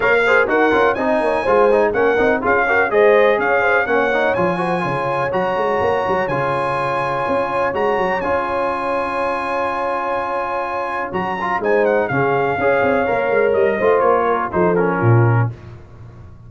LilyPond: <<
  \new Staff \with { instrumentName = "trumpet" } { \time 4/4 \tempo 4 = 124 f''4 fis''4 gis''2 | fis''4 f''4 dis''4 f''4 | fis''4 gis''2 ais''4~ | ais''4 gis''2. |
ais''4 gis''2.~ | gis''2. ais''4 | gis''8 fis''8 f''2. | dis''4 cis''4 c''8 ais'4. | }
  \new Staff \with { instrumentName = "horn" } { \time 4/4 cis''8 c''8 ais'4 dis''8 cis''8 c''4 | ais'4 gis'8 ais'8 c''4 cis''8 c''8 | cis''4. c''8 cis''2~ | cis''1~ |
cis''1~ | cis''1 | c''4 gis'4 cis''2~ | cis''8 c''4 ais'8 a'4 f'4 | }
  \new Staff \with { instrumentName = "trombone" } { \time 4/4 ais'8 gis'8 fis'8 f'8 dis'4 f'8 dis'8 | cis'8 dis'8 f'8 fis'8 gis'2 | cis'8 dis'8 f'8 fis'8 f'4 fis'4~ | fis'4 f'2. |
fis'4 f'2.~ | f'2. fis'8 f'8 | dis'4 cis'4 gis'4 ais'4~ | ais'8 f'4. dis'8 cis'4. | }
  \new Staff \with { instrumentName = "tuba" } { \time 4/4 ais4 dis'8 cis'8 c'8 ais8 gis4 | ais8 c'8 cis'4 gis4 cis'4 | ais4 f4 cis4 fis8 gis8 | ais8 fis8 cis2 cis'4 |
gis8 fis8 cis'2.~ | cis'2. fis4 | gis4 cis4 cis'8 c'8 ais8 gis8 | g8 a8 ais4 f4 ais,4 | }
>>